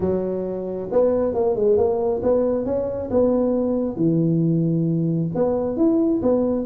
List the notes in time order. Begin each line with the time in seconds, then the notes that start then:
0.00 F#3
0.91 B3
1.34 A#3
1.55 G#3
1.77 A#3
2.22 B3
2.65 C#4
3.10 B3
3.96 E3
5.34 B3
5.76 E4
6.22 B3